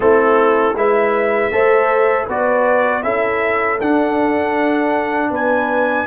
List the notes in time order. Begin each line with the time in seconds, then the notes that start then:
0.00 A3 C4 E4 A4
0.74 G#3 E4 B4 E5
1.51 A3 A4 C5
2.25 B3 F#4 B4 D5
3.03 C#4 E4 A4 E5
3.81 D4 F#5
5.30 B3 B4 G#5